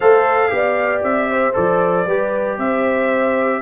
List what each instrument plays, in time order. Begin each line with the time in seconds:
0.00 tuba A3, trombone A4, horn C5, trumpet F5
0.48 tuba B3, trombone G4
0.55 horn D5
1.03 tuba C4, trumpet E5
1.30 horn C5
1.53 tuba F3, trombone A4, trumpet D5
2.06 tuba G3, trombone G4, horn B4
2.57 tuba C4, horn C5, trumpet E5